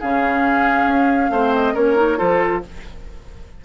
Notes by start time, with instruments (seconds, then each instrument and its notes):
0.00 bassoon C#3, clarinet C#4, oboe G#4, flute F5
0.86 bassoon C#4
1.30 bassoon A3, clarinet C4, oboe C5
1.55 flute D#5
1.74 bassoon A#3, clarinet C#4, oboe A#4, flute C#5
1.96 clarinet D#4
2.17 bassoon F3, clarinet F4, oboe A4, flute C5